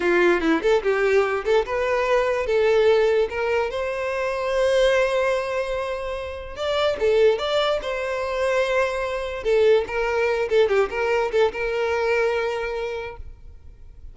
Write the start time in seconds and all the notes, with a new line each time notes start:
0.00 F4
0.41 E4
0.62 A4
0.82 G4
1.44 A4
1.65 B4
2.46 A4
3.29 A#4
3.70 C5
6.55 D5
6.99 A4
7.38 D5
7.82 C5
9.43 A4
9.87 A#4
10.49 A4
10.68 G4
10.90 A#4
11.31 A4
11.52 A#4